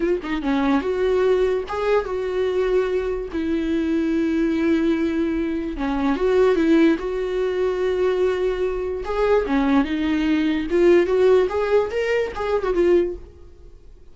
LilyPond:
\new Staff \with { instrumentName = "viola" } { \time 4/4 \tempo 4 = 146 f'8 dis'8 cis'4 fis'2 | gis'4 fis'2. | e'1~ | e'2 cis'4 fis'4 |
e'4 fis'2.~ | fis'2 gis'4 cis'4 | dis'2 f'4 fis'4 | gis'4 ais'4 gis'8. fis'16 f'4 | }